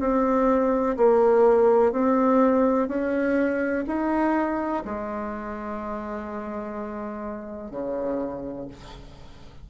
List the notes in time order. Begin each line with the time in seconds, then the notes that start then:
0.00 C4
0.98 A#3
1.92 C4
2.89 C#4
3.87 D#4
4.85 G#3
7.72 C#3